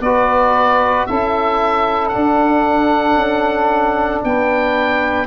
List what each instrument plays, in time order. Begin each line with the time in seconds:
0.00 tuba B3, trombone F#4, saxophone B4, oboe D5
1.06 tuba C#4, trombone E4, saxophone A4, oboe E5
2.09 trombone D4, oboe F#5
2.15 tuba D4
3.15 tuba C#4
4.24 tuba B3, saxophone B4, oboe G5